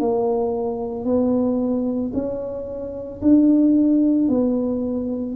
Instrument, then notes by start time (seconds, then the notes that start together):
tuba
0.00 A#3
1.05 B3
2.14 C#4
3.22 D4
4.29 B3